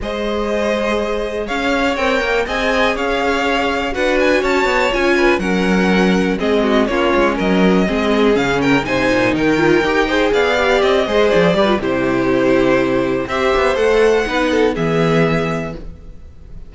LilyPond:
<<
  \new Staff \with { instrumentName = "violin" } { \time 4/4 \tempo 4 = 122 dis''2. f''4 | g''4 gis''4 f''2 | fis''8 gis''8 a''4 gis''4 fis''4~ | fis''4 dis''4 cis''4 dis''4~ |
dis''4 f''8 g''8 gis''4 g''4~ | g''4 f''4 dis''4 d''4 | c''2. e''4 | fis''2 e''2 | }
  \new Staff \with { instrumentName = "violin" } { \time 4/4 c''2. cis''4~ | cis''4 dis''4 cis''2 | b'4 cis''4. b'8 ais'4~ | ais'4 gis'8 fis'8 f'4 ais'4 |
gis'4. ais'8 c''4 ais'4~ | ais'8 c''8 d''4. c''4 b'8 | g'2. c''4~ | c''4 b'8 a'8 gis'2 | }
  \new Staff \with { instrumentName = "viola" } { \time 4/4 gis'1 | ais'4 gis'2. | fis'2 f'4 cis'4~ | cis'4 c'4 cis'2 |
c'4 cis'4 dis'4. f'8 | g'8 gis'4 g'4 gis'4 g'16 f'16 | e'2. g'4 | a'4 dis'4 b2 | }
  \new Staff \with { instrumentName = "cello" } { \time 4/4 gis2. cis'4 | c'8 ais8 c'4 cis'2 | d'4 cis'8 b8 cis'4 fis4~ | fis4 gis4 ais8 gis8 fis4 |
gis4 cis4 c8 ais,8 dis4 | dis'4 b4 c'8 gis8 f8 g8 | c2. c'8 b8 | a4 b4 e2 | }
>>